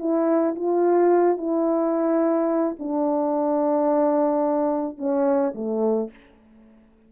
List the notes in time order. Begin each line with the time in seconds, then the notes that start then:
0.00 E4
0.56 F4
1.38 E4
2.80 D4
4.98 C#4
5.55 A3